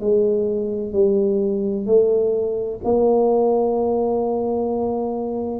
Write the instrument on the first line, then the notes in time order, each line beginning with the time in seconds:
tuba
0.00 G#3
0.92 G3
1.86 A3
2.84 A#3